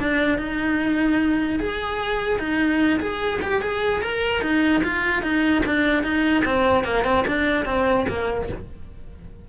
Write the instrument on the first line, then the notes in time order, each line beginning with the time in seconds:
cello
0.00 D4
0.39 D#4
1.60 G#4
2.39 D#4
3.01 G#4
3.42 G4
3.62 G#4
4.02 A#4
4.42 D#4
4.84 F4
5.23 D#4
5.66 D4
6.04 D#4
6.46 C4
6.85 A#3
7.05 C4
7.28 D4
7.66 C4
8.09 A#3